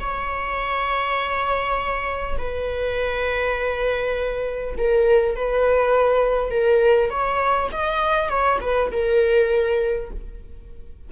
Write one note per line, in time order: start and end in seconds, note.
0.00 2.38 C#5
2.38 4.76 B4
4.78 5.36 A#4
5.36 6.51 B4
6.51 7.10 A#4
7.10 7.70 C#5
7.72 8.30 D#5
8.30 8.59 C#5
8.61 8.91 B4
8.92 10.11 A#4